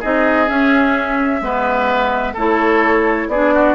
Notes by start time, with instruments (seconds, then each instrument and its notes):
0.00 bassoon C4, clarinet D#4, oboe G#4, flute D#5
0.47 clarinet C#4, bassoon C#4, flute E5
1.41 bassoon G#3, clarinet B3, oboe B4
2.33 bassoon A3, clarinet E4, oboe A4, flute C#5
3.28 bassoon B3, clarinet D4, oboe G#4, flute D5
3.54 oboe F#4